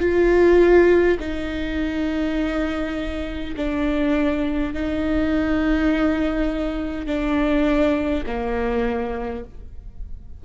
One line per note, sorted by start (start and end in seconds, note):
0.00 1.18 F4
1.20 3.55 D#4
3.57 4.74 D4
4.74 7.06 D#4
7.06 8.24 D4
8.27 9.44 A#3